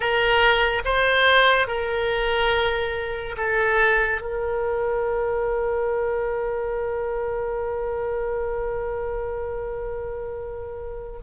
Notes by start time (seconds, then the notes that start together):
0.00 A#4
0.85 C5
1.67 A#4
3.37 A4
4.21 A#4